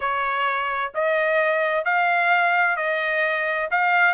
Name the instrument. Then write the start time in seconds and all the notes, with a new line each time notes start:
trumpet
0.00 C#5
0.94 D#5
1.84 F5
2.76 D#5
3.70 F5